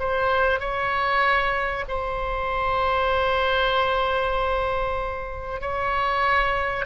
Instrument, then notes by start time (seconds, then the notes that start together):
oboe
0.00 C5
0.60 C#5
1.88 C5
5.62 C#5